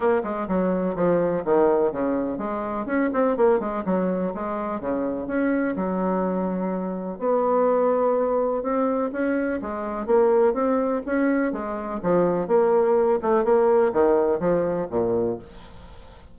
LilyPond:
\new Staff \with { instrumentName = "bassoon" } { \time 4/4 \tempo 4 = 125 ais8 gis8 fis4 f4 dis4 | cis4 gis4 cis'8 c'8 ais8 gis8 | fis4 gis4 cis4 cis'4 | fis2. b4~ |
b2 c'4 cis'4 | gis4 ais4 c'4 cis'4 | gis4 f4 ais4. a8 | ais4 dis4 f4 ais,4 | }